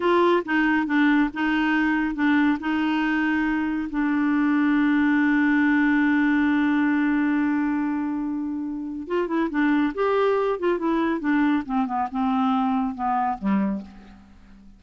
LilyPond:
\new Staff \with { instrumentName = "clarinet" } { \time 4/4 \tempo 4 = 139 f'4 dis'4 d'4 dis'4~ | dis'4 d'4 dis'2~ | dis'4 d'2.~ | d'1~ |
d'1~ | d'4 f'8 e'8 d'4 g'4~ | g'8 f'8 e'4 d'4 c'8 b8 | c'2 b4 g4 | }